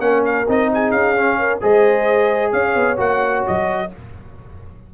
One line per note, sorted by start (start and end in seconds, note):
0.00 0.46 A#3
0.00 0.46 C#4
0.00 0.72 A#4
0.00 0.23 F#5
0.25 0.48 F5
0.48 0.92 C4
0.48 1.17 D#4
0.48 0.73 D#5
0.73 1.39 G#4
0.73 0.91 G#5
0.91 1.60 C#4
0.91 1.60 F5
1.17 1.62 C#4
1.39 1.62 A#4
1.62 2.53 G#3
1.62 2.97 G#4
1.62 2.52 C5
1.62 2.52 D#5
2.52 2.76 C#4
2.52 3.90 C#5
2.52 2.98 F5
2.76 2.98 B3
2.97 3.45 A#3
2.97 3.89 F#4
2.97 3.46 F#5
3.47 3.95 F#3
3.47 3.93 D#5